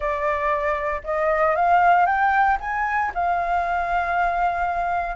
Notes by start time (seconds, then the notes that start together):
0.00 D5
1.04 D#5
1.55 F5
2.05 G5
2.60 G#5
3.14 F5